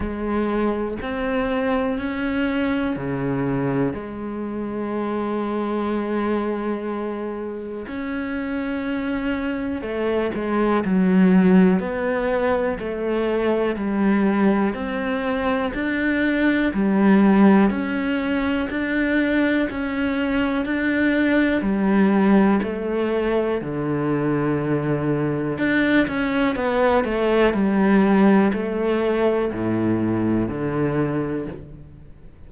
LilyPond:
\new Staff \with { instrumentName = "cello" } { \time 4/4 \tempo 4 = 61 gis4 c'4 cis'4 cis4 | gis1 | cis'2 a8 gis8 fis4 | b4 a4 g4 c'4 |
d'4 g4 cis'4 d'4 | cis'4 d'4 g4 a4 | d2 d'8 cis'8 b8 a8 | g4 a4 a,4 d4 | }